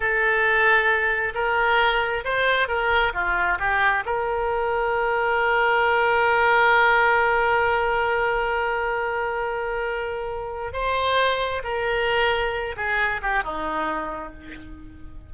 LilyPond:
\new Staff \with { instrumentName = "oboe" } { \time 4/4 \tempo 4 = 134 a'2. ais'4~ | ais'4 c''4 ais'4 f'4 | g'4 ais'2.~ | ais'1~ |
ais'1~ | ais'1 | c''2 ais'2~ | ais'8 gis'4 g'8 dis'2 | }